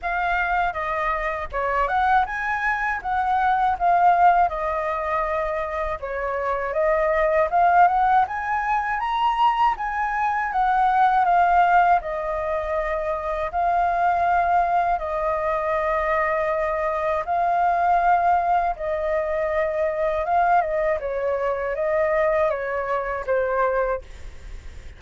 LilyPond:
\new Staff \with { instrumentName = "flute" } { \time 4/4 \tempo 4 = 80 f''4 dis''4 cis''8 fis''8 gis''4 | fis''4 f''4 dis''2 | cis''4 dis''4 f''8 fis''8 gis''4 | ais''4 gis''4 fis''4 f''4 |
dis''2 f''2 | dis''2. f''4~ | f''4 dis''2 f''8 dis''8 | cis''4 dis''4 cis''4 c''4 | }